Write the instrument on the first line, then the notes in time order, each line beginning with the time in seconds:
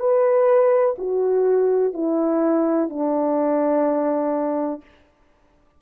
horn
0.00 B4
0.98 F#4
1.94 E4
2.90 D4